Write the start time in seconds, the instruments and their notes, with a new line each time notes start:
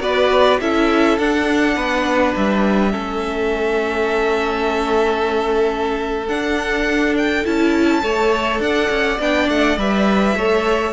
0.00 cello B3, viola F#4, violin B4 D5
0.60 cello C#4, viola E4, violin A4 E5
1.18 cello D4, viola D4, violin F#5
1.75 cello B3, violin B4
2.36 cello G3, violin E5
2.90 cello A3, viola C#4, violin A4
6.28 cello D4, viola D4, violin F#5
7.17 violin G5
7.44 cello C#4, viola E4, violin A5
8.01 cello A3, viola A4, violin C#5
8.59 cello D4, violin D5 F#5
8.89 cello C#4
9.19 cello B3, viola D4, violin G5
9.48 cello A3, violin F#5
9.77 cello G3, viola B4, violin E5
10.35 cello A3, viola A4, violin C#5